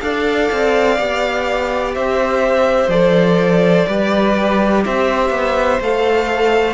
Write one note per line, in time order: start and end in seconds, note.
0.00 0.50 D4
0.00 0.98 A4
0.00 1.95 D5
0.00 1.94 F5
0.51 0.99 C4
0.98 1.96 B3
0.98 2.90 G4
1.94 2.88 C4
1.94 3.87 C5
1.94 2.90 E5
2.88 3.84 F3
2.88 3.87 A4
2.88 4.83 D5
3.87 4.85 G3
3.87 5.80 G4
3.87 4.84 B4
4.85 5.30 C4
4.85 6.74 C5
4.85 5.82 E5
5.30 5.78 B3
5.80 6.74 A3
5.80 6.74 A4
5.80 6.74 F5